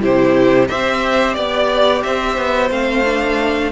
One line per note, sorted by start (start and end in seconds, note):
0.00 0.69 C3
0.00 0.67 E4
0.00 0.68 G4
0.00 0.67 C5
0.67 1.36 C4
0.67 2.69 G4
0.67 1.36 C5
0.67 1.34 E5
1.34 2.03 B3
1.34 2.01 D5
1.34 2.03 D5
2.03 2.37 C4
2.03 3.72 C5
2.03 2.70 E5
2.37 2.70 B3
2.69 3.71 A3
2.69 3.03 C4
2.69 3.72 F5
3.04 3.72 D4